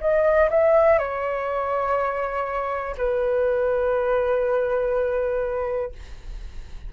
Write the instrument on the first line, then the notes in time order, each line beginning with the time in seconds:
flute
0.00 D#5
0.50 E5
0.98 C#5
2.97 B4